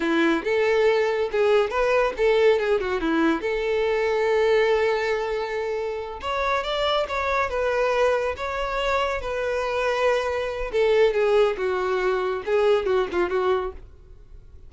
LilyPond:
\new Staff \with { instrumentName = "violin" } { \time 4/4 \tempo 4 = 140 e'4 a'2 gis'4 | b'4 a'4 gis'8 fis'8 e'4 | a'1~ | a'2~ a'8 cis''4 d''8~ |
d''8 cis''4 b'2 cis''8~ | cis''4. b'2~ b'8~ | b'4 a'4 gis'4 fis'4~ | fis'4 gis'4 fis'8 f'8 fis'4 | }